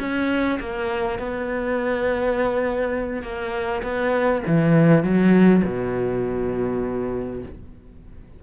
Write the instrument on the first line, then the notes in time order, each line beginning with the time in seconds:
cello
0.00 C#4
0.60 A#3
1.19 B3
3.23 A#3
3.83 B3
4.47 E3
5.04 F#3
5.65 B2